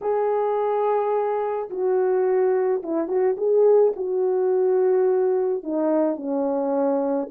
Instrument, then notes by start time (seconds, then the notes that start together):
horn
0.01 G#4
1.70 F#4
2.83 E4
3.07 F#4
3.37 G#4
3.96 F#4
5.63 D#4
6.16 C#4